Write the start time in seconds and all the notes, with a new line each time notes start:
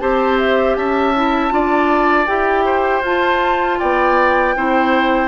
0.00 C4 G4 C5 A5
0.38 E5
0.76 C#4 E5 A5
1.15 E4
1.50 D4 F4 D5
2.27 E4 G4 G5
2.65 C5
3.02 F4 A5
3.79 B3 D5 G5
4.56 C4 E4 C5